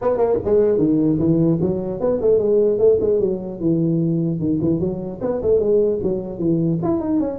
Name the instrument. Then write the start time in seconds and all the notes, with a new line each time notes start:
tuba
0.01 B3
0.17 A#3
0.44 G#3
0.77 D#3
1.19 E3
1.61 F#3
2.00 B3
2.21 A3
2.39 G#3
2.78 A3
3.00 G#3
3.20 F#3
3.59 E3
4.39 D#3
4.61 E3
4.79 F#3
5.21 B3
5.42 A3
5.59 G#3
6.02 F#3
6.38 E3
6.83 E4
7.00 D#4
7.20 C#4